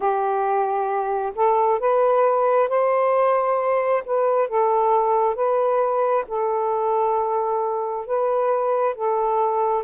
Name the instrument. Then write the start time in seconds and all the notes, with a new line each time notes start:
saxophone
0.00 G4
1.35 A4
1.79 B4
2.68 C5
4.05 B4
4.48 A4
5.35 B4
6.27 A4
8.06 B4
8.95 A4